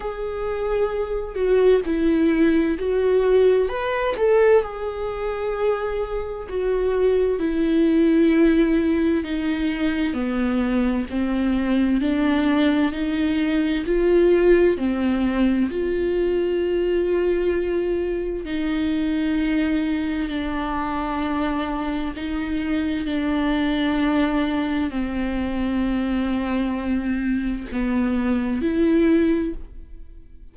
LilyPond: \new Staff \with { instrumentName = "viola" } { \time 4/4 \tempo 4 = 65 gis'4. fis'8 e'4 fis'4 | b'8 a'8 gis'2 fis'4 | e'2 dis'4 b4 | c'4 d'4 dis'4 f'4 |
c'4 f'2. | dis'2 d'2 | dis'4 d'2 c'4~ | c'2 b4 e'4 | }